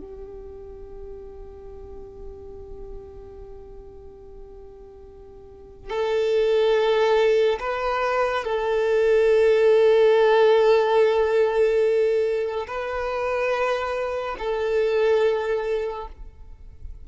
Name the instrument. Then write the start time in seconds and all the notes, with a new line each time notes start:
violin
0.00 G4
5.90 A4
7.60 B4
8.44 A4
12.68 B4
14.39 A4